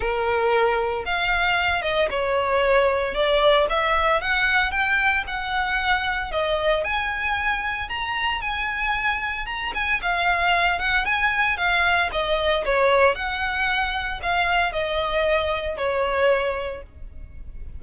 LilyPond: \new Staff \with { instrumentName = "violin" } { \time 4/4 \tempo 4 = 114 ais'2 f''4. dis''8 | cis''2 d''4 e''4 | fis''4 g''4 fis''2 | dis''4 gis''2 ais''4 |
gis''2 ais''8 gis''8 f''4~ | f''8 fis''8 gis''4 f''4 dis''4 | cis''4 fis''2 f''4 | dis''2 cis''2 | }